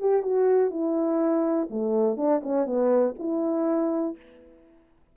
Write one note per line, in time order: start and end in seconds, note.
0.00 0.22 G4
0.22 0.71 F#4
0.71 1.68 E4
1.70 2.17 A3
2.17 2.41 D4
2.43 2.66 C#4
2.66 3.15 B3
3.19 4.16 E4